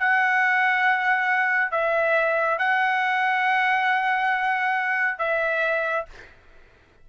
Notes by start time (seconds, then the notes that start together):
0.00 F#5
1.72 E5
2.58 F#5
5.19 E5